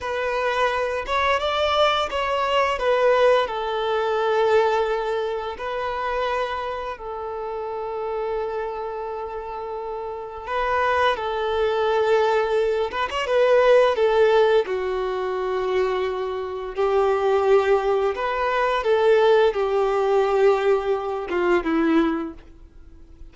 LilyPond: \new Staff \with { instrumentName = "violin" } { \time 4/4 \tempo 4 = 86 b'4. cis''8 d''4 cis''4 | b'4 a'2. | b'2 a'2~ | a'2. b'4 |
a'2~ a'8 b'16 cis''16 b'4 | a'4 fis'2. | g'2 b'4 a'4 | g'2~ g'8 f'8 e'4 | }